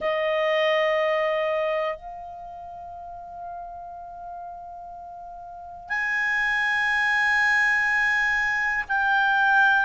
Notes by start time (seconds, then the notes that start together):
0.00 D#5
1.96 F5
5.89 G#5
8.88 G5